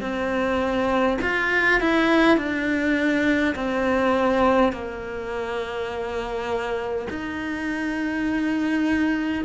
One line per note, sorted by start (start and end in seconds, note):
0.00 1.18 C4
1.21 1.80 F4
1.80 2.37 E4
2.37 3.55 D4
3.55 4.72 C4
4.72 7.07 A#3
7.10 9.44 D#4